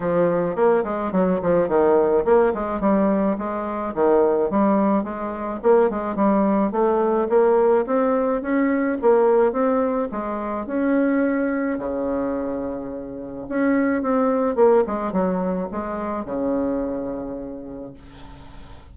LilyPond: \new Staff \with { instrumentName = "bassoon" } { \time 4/4 \tempo 4 = 107 f4 ais8 gis8 fis8 f8 dis4 | ais8 gis8 g4 gis4 dis4 | g4 gis4 ais8 gis8 g4 | a4 ais4 c'4 cis'4 |
ais4 c'4 gis4 cis'4~ | cis'4 cis2. | cis'4 c'4 ais8 gis8 fis4 | gis4 cis2. | }